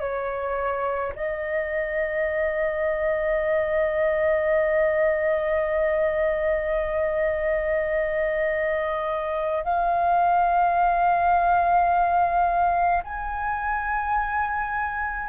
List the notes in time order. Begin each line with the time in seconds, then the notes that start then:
0.00 C#5
1.16 D#5
9.64 F5
13.04 G#5